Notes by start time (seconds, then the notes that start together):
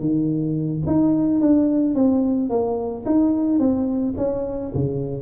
0.00 D#3
0.86 D#4
1.41 D4
1.95 C4
2.50 A#3
3.06 D#4
3.59 C4
4.17 C#4
4.74 C#3